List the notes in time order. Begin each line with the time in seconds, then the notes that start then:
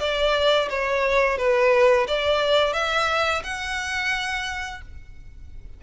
0.00 D5
0.70 C#5
1.38 B4
2.08 D5
2.74 E5
3.44 F#5